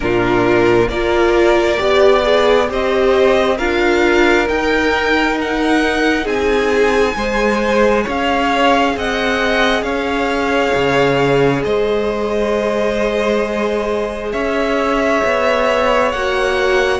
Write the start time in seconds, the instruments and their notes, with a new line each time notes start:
0.00 cello A#2, viola D4, violin F4 A#4
0.88 cello A#3, viola F4, violin A#4 D5
1.77 cello B3, viola G4, violin D5
2.22 viola G#4
2.67 cello C4, viola G4, violin C5 D#5
3.57 cello D4, viola F4, violin A#4 F5
4.47 viola D#4, cello D#4, violin G5
5.41 violin F#5
6.24 cello C4, violin G#4 G#5
7.15 cello G#3, viola G#4, violin C5
8.03 cello C#4, violin C#5 F5
8.96 cello C4, violin D#5 F#5
9.82 cello C#4, violin C#5 F5
10.74 cello C#3
11.64 cello G#3, violin C5 D#5
14.32 cello C#4, violin C#5 E5
15.24 cello B3
16.11 cello A#3, viola F#4, violin F#5